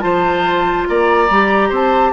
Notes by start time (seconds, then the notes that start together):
0.00 F3 F4 C5 A5
0.88 A#3 D5 A#5
1.30 G3 G4
1.69 C4 C5 A5